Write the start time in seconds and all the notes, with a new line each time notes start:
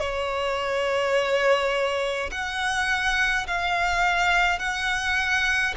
0.00 C#5
2.31 F#5
3.47 F5
4.59 F#5